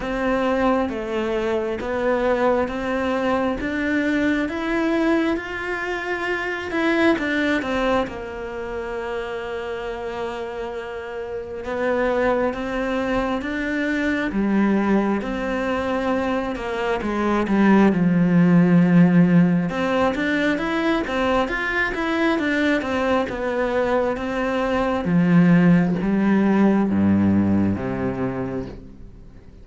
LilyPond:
\new Staff \with { instrumentName = "cello" } { \time 4/4 \tempo 4 = 67 c'4 a4 b4 c'4 | d'4 e'4 f'4. e'8 | d'8 c'8 ais2.~ | ais4 b4 c'4 d'4 |
g4 c'4. ais8 gis8 g8 | f2 c'8 d'8 e'8 c'8 | f'8 e'8 d'8 c'8 b4 c'4 | f4 g4 g,4 c4 | }